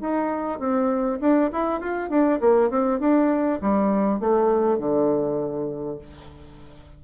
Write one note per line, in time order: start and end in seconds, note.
0.00 0.59 D#4
0.59 1.19 C4
1.20 1.50 D4
1.52 1.80 E4
1.80 2.09 F4
2.09 2.39 D4
2.40 2.70 A#3
2.70 2.99 C4
2.99 3.59 D4
3.61 4.20 G3
4.20 4.78 A3
4.78 5.98 D3